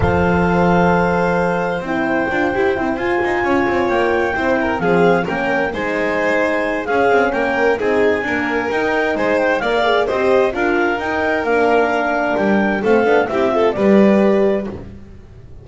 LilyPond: <<
  \new Staff \with { instrumentName = "clarinet" } { \time 4/4 \tempo 4 = 131 f''1 | g''2~ g''8 gis''4.~ | gis''8 g''2 f''4 g''8~ | g''8 gis''2~ gis''8 f''4 |
g''4 gis''2 g''4 | gis''8 g''8 f''4 dis''4 f''4 | g''4 f''2 g''4 | f''4 e''4 d''2 | }
  \new Staff \with { instrumentName = "violin" } { \time 4/4 c''1~ | c''2.~ c''8 cis''8~ | cis''4. c''8 ais'8 gis'4 ais'8~ | ais'8 c''2~ c''8 gis'4 |
ais'4 gis'4 ais'2 | c''4 d''4 c''4 ais'4~ | ais'1 | a'4 g'8 a'8 b'2 | }
  \new Staff \with { instrumentName = "horn" } { \time 4/4 a'1 | e'4 f'8 g'8 e'8 f'4.~ | f'4. e'4 c'4 cis'8~ | cis'8 dis'2~ dis'8 cis'4~ |
cis'4 dis'4 ais4 dis'4~ | dis'4 ais'8 gis'8 g'4 f'4 | dis'4 d'2. | c'8 d'8 e'8 f'8 g'2 | }
  \new Staff \with { instrumentName = "double bass" } { \time 4/4 f1 | c'4 d'8 e'8 c'8 f'8 dis'8 cis'8 | c'8 ais4 c'4 f4 ais8~ | ais8 gis2~ gis8 cis'8 c'8 |
ais4 c'4 d'4 dis'4 | gis4 ais4 c'4 d'4 | dis'4 ais2 g4 | a8 b8 c'4 g2 | }
>>